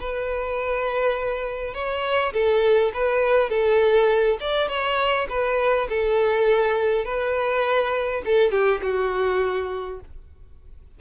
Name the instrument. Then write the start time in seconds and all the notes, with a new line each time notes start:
violin
0.00 B4
1.74 C#5
2.33 A4
2.94 B4
3.50 A4
4.40 D5
4.68 C#5
5.29 B4
5.89 A4
7.05 B4
8.25 A4
8.51 G4
8.82 F#4